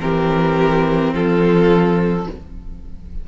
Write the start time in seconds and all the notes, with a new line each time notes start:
0.00 E3 C4 G4 A#4
1.13 F3 F4 A4